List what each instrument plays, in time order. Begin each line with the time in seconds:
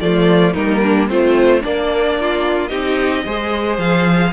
0.00 cello F3, viola A3, violin F4 D5
0.53 cello G3, viola A#3, violin D#4 A#4
0.81 violin D4
1.08 cello A3, violin C4 C5, viola F4
1.60 cello A#3, violin A#3 D5, viola D4
2.20 violin F4
2.67 cello C4, viola D#4, violin G4 D#5
3.25 cello G#3, viola G#4, violin C5
3.78 cello F3, violin F5